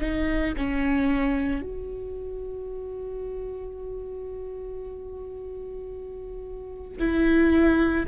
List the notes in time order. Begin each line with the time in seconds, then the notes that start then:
0.00 D#4
0.56 C#4
1.61 F#4
6.99 E4